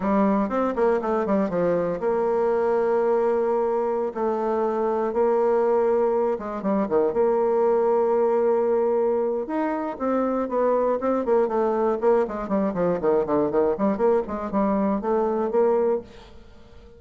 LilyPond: \new Staff \with { instrumentName = "bassoon" } { \time 4/4 \tempo 4 = 120 g4 c'8 ais8 a8 g8 f4 | ais1~ | ais16 a2 ais4.~ ais16~ | ais8. gis8 g8 dis8 ais4.~ ais16~ |
ais2. dis'4 | c'4 b4 c'8 ais8 a4 | ais8 gis8 g8 f8 dis8 d8 dis8 g8 | ais8 gis8 g4 a4 ais4 | }